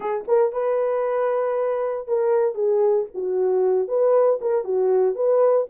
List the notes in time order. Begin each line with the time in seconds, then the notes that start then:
0.00 G#4
0.27 A#4
0.52 B4
2.07 A#4
2.54 G#4
3.14 F#4
3.87 B4
4.41 A#4
4.64 F#4
5.15 B4